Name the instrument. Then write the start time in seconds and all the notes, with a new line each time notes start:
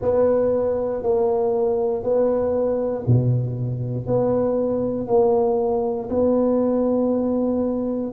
tuba
0.01 B3
1.02 A#3
2.03 B3
3.06 B2
4.06 B3
5.07 A#3
6.09 B3